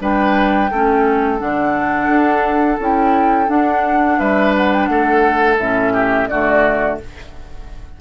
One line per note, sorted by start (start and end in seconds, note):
0.00 0.70 G3
0.00 0.70 D4
0.00 0.71 B4
0.00 1.39 G5
0.71 1.41 A3
0.71 1.39 C#4
0.71 4.19 A4
1.39 2.08 D3
1.39 2.78 D4
1.39 2.78 F#5
2.08 2.78 D4
2.80 3.49 C#4
2.80 3.47 E4
2.80 3.49 G5
3.47 5.56 D4
3.47 4.18 D4
3.47 4.19 F#5
4.19 4.88 G3
4.19 4.89 B4
4.19 4.54 E5
4.57 4.73 F#5
4.73 4.86 G5
4.86 5.58 A3
4.86 5.93 A4
4.86 5.56 F#5
5.59 6.29 A2
5.59 6.31 C#4
5.59 6.28 E5
5.93 6.28 G4
6.28 7.00 D3
6.28 7.01 A3
6.28 7.00 F#4
6.28 6.98 D5